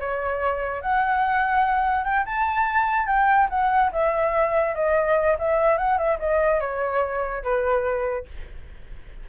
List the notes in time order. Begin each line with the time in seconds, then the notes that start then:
0.00 C#5
0.82 F#5
2.05 G5
2.26 A5
3.07 G5
3.50 F#5
3.92 E5
4.75 D#5
5.39 E5
5.78 F#5
5.98 E5
6.19 D#5
6.60 C#5
7.43 B4